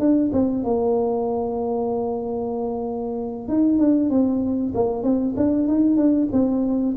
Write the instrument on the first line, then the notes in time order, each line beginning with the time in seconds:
tuba
0.00 D4
0.33 C4
0.64 A#3
3.49 D#4
3.79 D4
4.10 C4
4.75 A#3
5.04 C4
5.37 D4
5.68 D#4
5.97 D4
6.33 C4